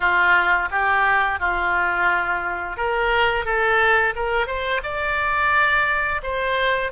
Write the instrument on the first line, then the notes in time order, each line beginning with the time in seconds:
oboe
0.00 F4
0.71 G4
1.39 F4
2.76 A#4
3.45 A4
4.15 A#4
4.46 C5
4.83 D5
6.22 C5